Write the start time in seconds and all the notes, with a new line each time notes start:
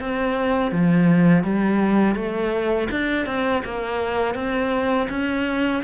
0.00 C4
0.72 F3
1.44 G3
2.15 A3
2.91 D4
3.26 C4
3.65 A#3
4.35 C4
5.10 C#4